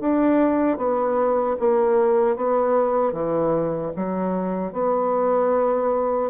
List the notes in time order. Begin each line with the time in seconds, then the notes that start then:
0.00 D4
0.77 B3
1.59 A#3
2.36 B3
3.13 E3
3.96 F#3
4.72 B3